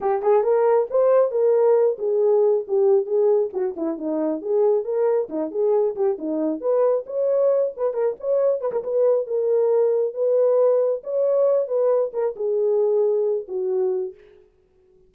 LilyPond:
\new Staff \with { instrumentName = "horn" } { \time 4/4 \tempo 4 = 136 g'8 gis'8 ais'4 c''4 ais'4~ | ais'8 gis'4. g'4 gis'4 | fis'8 e'8 dis'4 gis'4 ais'4 | dis'8 gis'4 g'8 dis'4 b'4 |
cis''4. b'8 ais'8 cis''4 b'16 ais'16 | b'4 ais'2 b'4~ | b'4 cis''4. b'4 ais'8 | gis'2~ gis'8 fis'4. | }